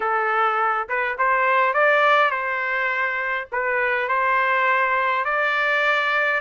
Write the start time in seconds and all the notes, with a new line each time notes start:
0.00 A4
0.88 B4
1.18 C5
1.73 D5
2.31 C5
3.52 B4
4.08 C5
5.25 D5